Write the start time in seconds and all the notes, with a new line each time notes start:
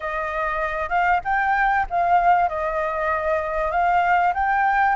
0.00 D#5
0.89 F5
1.24 G5
1.90 F5
2.49 D#5
3.71 F5
4.34 G5